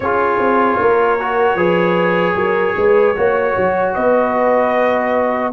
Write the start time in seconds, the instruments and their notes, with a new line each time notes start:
0.00 tuba C#4, trombone F4, horn G#4, trumpet C#5
0.38 tuba C4
0.80 tuba A#3, horn A#4
1.19 trombone F#4
1.55 tuba F3, trombone G#4, horn B4
2.35 tuba F#3, horn A#4
2.77 tuba G#3, horn B4
3.15 tuba A#3, trombone F#4, horn C#5
3.57 tuba F#3
3.94 tuba B3, horn B4, trumpet D#5